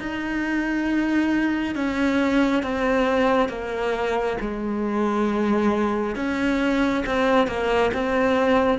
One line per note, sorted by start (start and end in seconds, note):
0.00 1.75 D#4
1.75 2.63 C#4
2.63 3.49 C4
3.49 4.37 A#3
4.41 6.16 G#3
6.16 7.04 C#4
7.06 7.47 C4
7.47 7.91 A#3
7.94 8.79 C4